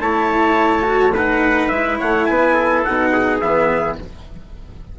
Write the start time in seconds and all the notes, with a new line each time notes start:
0.00 A3 E4 C#5 A5
0.83 F#4
1.14 D#4 B4 F#5
1.69 G#3 E4 E5
1.99 A3 C#5 F#5
2.26 B3 B4 G#5
2.54 A4
2.84 B2 D#4 F#5
3.13 G#4
3.41 E3 B3 E5